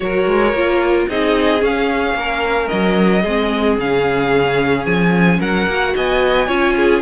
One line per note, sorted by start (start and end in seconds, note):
0.00 0.26 F#3
0.00 0.53 F#4
0.00 1.08 A#4
0.00 1.06 C#5
0.26 0.52 G#3
0.52 1.07 A#3
0.52 1.09 F4
1.08 1.62 C4
1.08 1.59 D#4
1.08 2.16 G#4
1.08 1.63 D#5
1.59 3.22 C#4
1.59 2.13 C#4
1.59 2.68 F5
2.13 2.67 A#3
2.13 3.22 A#4
2.68 3.24 F#3
2.68 3.76 D#5
3.22 3.78 G#3
3.22 3.81 C4
3.22 5.38 G#4
3.78 4.85 C#3
3.78 5.69 C#4
3.78 4.85 F5
4.85 5.39 F3
4.85 5.39 G#5
5.39 5.66 F#3
5.39 5.93 A#4
5.39 5.95 F#5
5.66 5.93 A#3
5.66 6.48 F#4
5.95 6.48 B3
5.95 6.46 D#5
5.95 7.02 G#5
6.46 7.02 C#4
6.46 7.02 F4
6.46 6.73 C#5
6.76 7.02 G#4